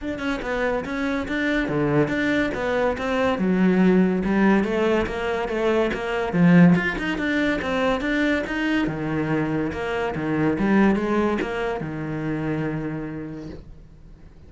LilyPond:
\new Staff \with { instrumentName = "cello" } { \time 4/4 \tempo 4 = 142 d'8 cis'8 b4 cis'4 d'4 | d4 d'4 b4 c'4 | fis2 g4 a4 | ais4 a4 ais4 f4 |
f'8 dis'8 d'4 c'4 d'4 | dis'4 dis2 ais4 | dis4 g4 gis4 ais4 | dis1 | }